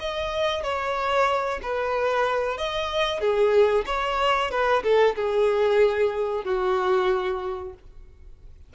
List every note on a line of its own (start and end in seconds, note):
0.00 0.63 D#5
0.63 1.60 C#5
1.62 2.57 B4
2.57 3.21 D#5
3.21 3.85 G#4
3.86 4.51 C#5
4.51 4.83 B4
4.83 5.16 A4
5.16 6.45 G#4
6.45 7.74 F#4